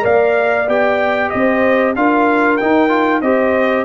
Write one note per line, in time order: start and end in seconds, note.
0.00 0.68 A#3
0.00 0.64 A#4
0.00 1.30 D5
0.00 0.69 F5
0.67 1.32 B3
0.67 1.95 G4
0.67 1.30 G5
1.30 1.96 C4
1.30 1.96 C5
1.30 1.93 D#5
1.96 2.60 D4
1.96 2.60 F4
1.96 3.23 A#4
1.96 2.57 F5
2.57 2.89 D#4
2.57 3.21 D#4
2.57 3.21 G5
2.89 3.21 F4
3.21 3.85 C4
3.21 3.85 G4
3.21 3.85 C5
3.21 3.85 D#5